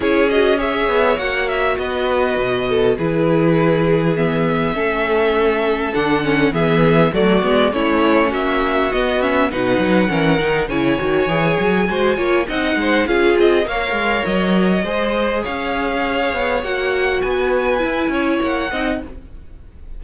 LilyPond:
<<
  \new Staff \with { instrumentName = "violin" } { \time 4/4 \tempo 4 = 101 cis''8 dis''8 e''4 fis''8 e''8 dis''4~ | dis''4 b'2 e''4~ | e''2 fis''4 e''4 | d''4 cis''4 e''4 dis''8 e''8 |
fis''2 gis''2~ | gis''4 fis''4 f''8 dis''8 f''4 | dis''2 f''2 | fis''4 gis''2 fis''4 | }
  \new Staff \with { instrumentName = "violin" } { \time 4/4 gis'4 cis''2 b'4~ | b'8 a'8 gis'2. | a'2. gis'4 | fis'4 e'4 fis'2 |
b'4 ais'4 cis''2 | c''8 cis''8 dis''8 c''8 gis'4 cis''4~ | cis''4 c''4 cis''2~ | cis''4 b'4. cis''4 dis''8 | }
  \new Staff \with { instrumentName = "viola" } { \time 4/4 e'8 fis'8 gis'4 fis'2~ | fis'4 e'2 b4 | cis'2 d'8 cis'8 b4 | a8 b8 cis'2 b8 cis'8 |
dis'4 cis'8 dis'8 e'8 fis'8 gis'4 | fis'8 f'8 dis'4 f'4 ais'4~ | ais'4 gis'2. | fis'2 e'4. dis'8 | }
  \new Staff \with { instrumentName = "cello" } { \time 4/4 cis'4. b8 ais4 b4 | b,4 e2. | a2 d4 e4 | fis8 gis8 a4 ais4 b4 |
b,8 fis8 e8 dis8 cis8 dis8 e8 fis8 | gis8 ais8 c'8 gis8 cis'8 c'8 ais8 gis8 | fis4 gis4 cis'4. b8 | ais4 b4 e'8 cis'8 ais8 c'8 | }
>>